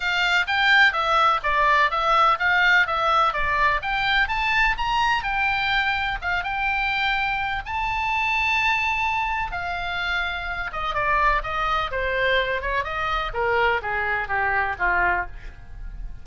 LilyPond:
\new Staff \with { instrumentName = "oboe" } { \time 4/4 \tempo 4 = 126 f''4 g''4 e''4 d''4 | e''4 f''4 e''4 d''4 | g''4 a''4 ais''4 g''4~ | g''4 f''8 g''2~ g''8 |
a''1 | f''2~ f''8 dis''8 d''4 | dis''4 c''4. cis''8 dis''4 | ais'4 gis'4 g'4 f'4 | }